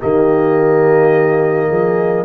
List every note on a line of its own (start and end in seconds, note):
0.00 1.71 D#3
0.00 2.25 A#3
0.00 1.69 G4
0.00 2.25 D#5
1.69 2.25 F3
1.69 2.25 G#4